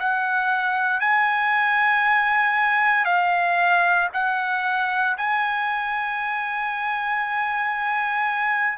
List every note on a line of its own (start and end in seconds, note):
0.00 1.01 F#5
1.01 3.06 G#5
3.06 4.09 F5
4.14 5.17 F#5
5.18 8.78 G#5